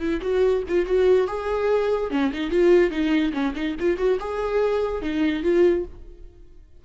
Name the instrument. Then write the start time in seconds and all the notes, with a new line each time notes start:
viola
0.00 E4
0.22 F#4
0.68 F4
0.86 F#4
1.28 G#4
2.11 C#4
2.33 D#4
2.51 F4
2.91 D#4
3.33 C#4
3.55 D#4
3.80 F4
3.98 F#4
4.20 G#4
5.02 D#4
5.43 F4